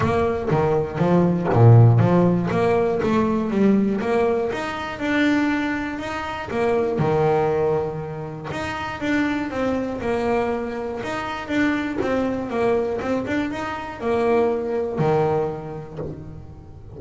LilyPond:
\new Staff \with { instrumentName = "double bass" } { \time 4/4 \tempo 4 = 120 ais4 dis4 f4 ais,4 | f4 ais4 a4 g4 | ais4 dis'4 d'2 | dis'4 ais4 dis2~ |
dis4 dis'4 d'4 c'4 | ais2 dis'4 d'4 | c'4 ais4 c'8 d'8 dis'4 | ais2 dis2 | }